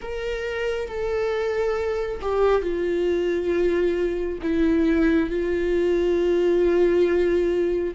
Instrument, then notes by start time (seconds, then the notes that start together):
viola
0.01 A#4
0.88 A4
2.21 G4
2.62 F4
4.42 E4
5.30 F4